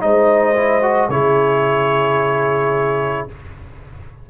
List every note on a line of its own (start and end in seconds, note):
0.00 1.09 G#3
0.00 0.55 D#4
0.00 1.12 C5
0.00 1.10 D#5
0.55 0.82 E4
0.82 1.10 F#4
1.09 3.27 C#3
1.09 3.29 E4
1.09 3.30 G#4
1.09 3.28 C#5